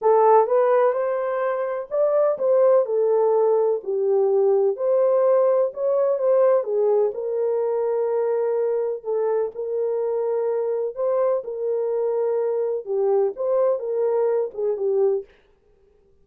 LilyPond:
\new Staff \with { instrumentName = "horn" } { \time 4/4 \tempo 4 = 126 a'4 b'4 c''2 | d''4 c''4 a'2 | g'2 c''2 | cis''4 c''4 gis'4 ais'4~ |
ais'2. a'4 | ais'2. c''4 | ais'2. g'4 | c''4 ais'4. gis'8 g'4 | }